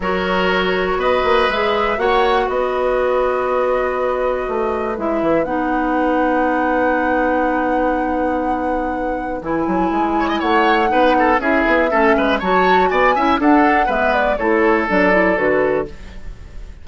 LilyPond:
<<
  \new Staff \with { instrumentName = "flute" } { \time 4/4 \tempo 4 = 121 cis''2 dis''4 e''4 | fis''4 dis''2.~ | dis''2 e''4 fis''4~ | fis''1~ |
fis''2. gis''4~ | gis''4 fis''2 e''4~ | e''4 a''4 gis''4 fis''4 | e''8 d''8 cis''4 d''4 b'4 | }
  \new Staff \with { instrumentName = "oboe" } { \time 4/4 ais'2 b'2 | cis''4 b'2.~ | b'1~ | b'1~ |
b'1~ | b'8 cis''16 dis''16 cis''4 b'8 a'8 gis'4 | a'8 b'8 cis''4 d''8 e''8 a'4 | b'4 a'2. | }
  \new Staff \with { instrumentName = "clarinet" } { \time 4/4 fis'2. gis'4 | fis'1~ | fis'2 e'4 dis'4~ | dis'1~ |
dis'2. e'4~ | e'2 dis'4 e'4 | cis'4 fis'4. e'8 d'4 | b4 e'4 d'8 e'8 fis'4 | }
  \new Staff \with { instrumentName = "bassoon" } { \time 4/4 fis2 b8 ais8 gis4 | ais4 b2.~ | b4 a4 gis8 e8 b4~ | b1~ |
b2. e8 fis8 | gis4 a4 b4 cis'8 b8 | a8 gis8 fis4 b8 cis'8 d'4 | gis4 a4 fis4 d4 | }
>>